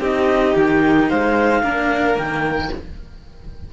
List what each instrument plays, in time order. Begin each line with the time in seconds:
0.00 cello C4 D#4, violin G4, clarinet D#5
0.56 cello D#3, clarinet G5
1.09 cello G#3, violin C5, clarinet F5
1.62 cello A#3 D4, violin A#4
2.15 cello D#3 A#3, clarinet G5